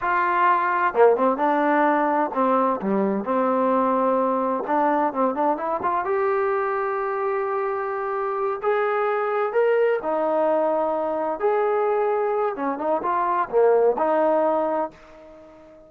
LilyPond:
\new Staff \with { instrumentName = "trombone" } { \time 4/4 \tempo 4 = 129 f'2 ais8 c'8 d'4~ | d'4 c'4 g4 c'4~ | c'2 d'4 c'8 d'8 | e'8 f'8 g'2.~ |
g'2~ g'8 gis'4.~ | gis'8 ais'4 dis'2~ dis'8~ | dis'8 gis'2~ gis'8 cis'8 dis'8 | f'4 ais4 dis'2 | }